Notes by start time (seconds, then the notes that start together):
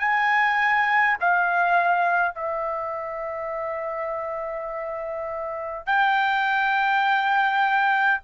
0.00 G#5
1.21 F5
2.36 E5
5.87 G5